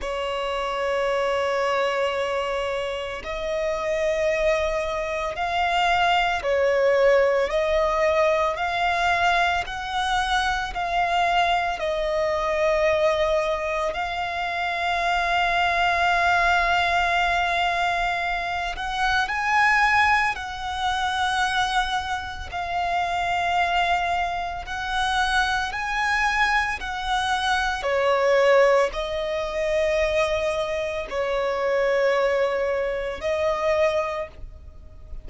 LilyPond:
\new Staff \with { instrumentName = "violin" } { \time 4/4 \tempo 4 = 56 cis''2. dis''4~ | dis''4 f''4 cis''4 dis''4 | f''4 fis''4 f''4 dis''4~ | dis''4 f''2.~ |
f''4. fis''8 gis''4 fis''4~ | fis''4 f''2 fis''4 | gis''4 fis''4 cis''4 dis''4~ | dis''4 cis''2 dis''4 | }